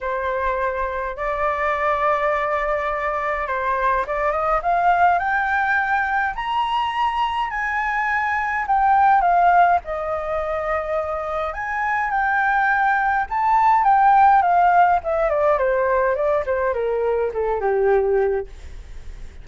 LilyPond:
\new Staff \with { instrumentName = "flute" } { \time 4/4 \tempo 4 = 104 c''2 d''2~ | d''2 c''4 d''8 dis''8 | f''4 g''2 ais''4~ | ais''4 gis''2 g''4 |
f''4 dis''2. | gis''4 g''2 a''4 | g''4 f''4 e''8 d''8 c''4 | d''8 c''8 ais'4 a'8 g'4. | }